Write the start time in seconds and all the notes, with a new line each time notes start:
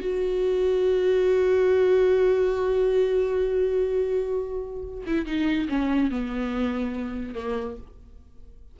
0.00 F#4
5.06 E4
5.26 D#4
5.69 C#4
6.10 B3
7.35 A#3